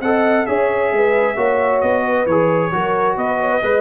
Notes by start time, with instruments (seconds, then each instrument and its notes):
0.00 tuba C4, trombone A4, horn D#5, trumpet F#5
0.46 tuba C#4, trombone G#4, horn C#5, trumpet E5
0.92 tuba G#3, horn B4
1.35 tuba A#3, trombone F#4, horn C#5
1.81 tuba B3, trumpet D#5
2.02 horn B4
2.26 tuba E3, trombone G#4, trumpet C#5
2.72 tuba F#3, trombone F#4, horn A#4
3.16 tuba B3, horn B4, trumpet D#5
3.40 horn C#5
3.51 horn B4
3.62 tuba G#3, trombone B4, horn D#5